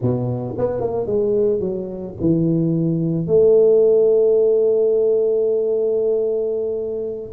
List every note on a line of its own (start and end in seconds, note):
0.01 0.55 B2
0.57 0.80 B3
0.80 1.06 A#3
1.06 1.60 G#3
1.60 2.14 F#3
2.20 3.27 E3
3.27 7.32 A3